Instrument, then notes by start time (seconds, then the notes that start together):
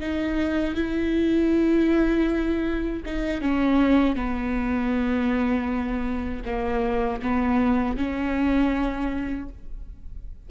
viola
0.00 D#4
0.75 E4
3.06 D#4
3.41 C#4
4.16 B3
6.45 A#3
7.22 B3
7.97 C#4